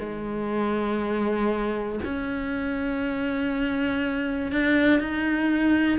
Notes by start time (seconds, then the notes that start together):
0.00 G#3
2.05 C#4
4.52 D4
5.00 D#4